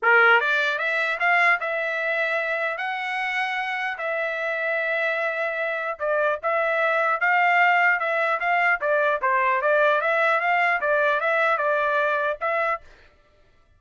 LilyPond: \new Staff \with { instrumentName = "trumpet" } { \time 4/4 \tempo 4 = 150 ais'4 d''4 e''4 f''4 | e''2. fis''4~ | fis''2 e''2~ | e''2. d''4 |
e''2 f''2 | e''4 f''4 d''4 c''4 | d''4 e''4 f''4 d''4 | e''4 d''2 e''4 | }